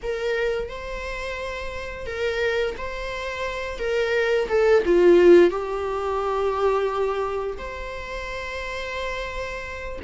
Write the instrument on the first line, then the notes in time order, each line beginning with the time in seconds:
viola
0.02 A#4
0.68 C5
2.06 A#4
2.77 C5
3.79 A#4
4.48 A4
4.85 F4
5.50 G4
7.57 C5